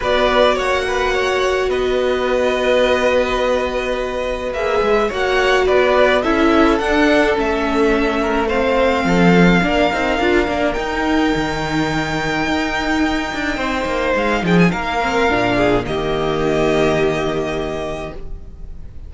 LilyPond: <<
  \new Staff \with { instrumentName = "violin" } { \time 4/4 \tempo 4 = 106 d''4 fis''2 dis''4~ | dis''1 | e''4 fis''4 d''4 e''4 | fis''4 e''2 f''4~ |
f''2. g''4~ | g''1~ | g''4 f''8 g''16 gis''16 f''2 | dis''1 | }
  \new Staff \with { instrumentName = "violin" } { \time 4/4 b'4 cis''8 b'8 cis''4 b'4~ | b'1~ | b'4 cis''4 b'4 a'4~ | a'2~ a'8 ais'8 c''4 |
a'4 ais'2.~ | ais'1 | c''4. gis'8 ais'4. gis'8 | g'1 | }
  \new Staff \with { instrumentName = "viola" } { \time 4/4 fis'1~ | fis'1 | gis'4 fis'2 e'4 | d'4 cis'2 c'4~ |
c'4 d'8 dis'8 f'8 d'8 dis'4~ | dis'1~ | dis'2~ dis'8 c'8 d'4 | ais1 | }
  \new Staff \with { instrumentName = "cello" } { \time 4/4 b4 ais2 b4~ | b1 | ais8 gis8 ais4 b4 cis'4 | d'4 a2. |
f4 ais8 c'8 d'8 ais8 dis'4 | dis2 dis'4. d'8 | c'8 ais8 gis8 f8 ais4 ais,4 | dis1 | }
>>